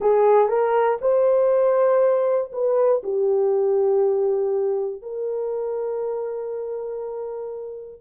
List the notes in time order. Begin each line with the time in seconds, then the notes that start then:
0.00 G#4
0.48 A#4
1.00 C5
2.52 B4
3.03 G4
5.02 A#4